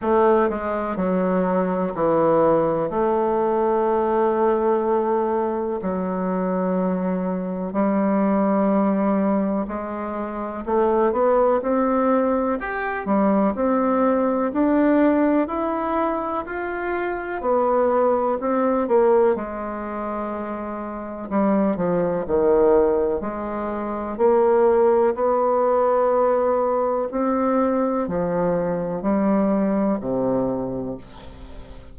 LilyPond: \new Staff \with { instrumentName = "bassoon" } { \time 4/4 \tempo 4 = 62 a8 gis8 fis4 e4 a4~ | a2 fis2 | g2 gis4 a8 b8 | c'4 g'8 g8 c'4 d'4 |
e'4 f'4 b4 c'8 ais8 | gis2 g8 f8 dis4 | gis4 ais4 b2 | c'4 f4 g4 c4 | }